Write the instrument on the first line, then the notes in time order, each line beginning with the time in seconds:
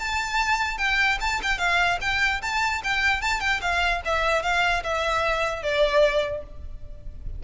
violin
0.00 A5
0.78 G5
1.21 A5
1.43 G5
1.59 F5
2.02 G5
2.42 A5
2.84 G5
3.22 A5
3.41 G5
3.62 F5
4.06 E5
4.43 F5
4.84 E5
5.63 D5